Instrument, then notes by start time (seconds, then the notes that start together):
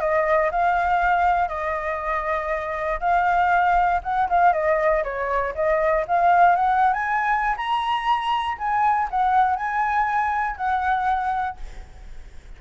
flute
0.00 D#5
0.51 F5
1.49 D#5
3.00 F5
4.03 F#5
4.29 F5
4.53 D#5
5.04 C#5
5.55 D#5
6.08 F5
6.56 F#5
6.93 G#5
7.57 A#5
8.58 G#5
9.10 F#5
9.56 G#5
10.57 F#5